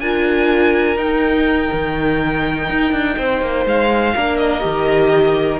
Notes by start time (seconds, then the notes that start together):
0.00 D4 F4 A#4 G#5
0.96 D#4 G5
1.72 D#3
2.69 D#4
2.92 D4
3.17 C4 C5
3.41 A#3
3.65 G#3 F5
4.15 A#3 D4 A#4
4.37 D#5
4.60 D#3 G4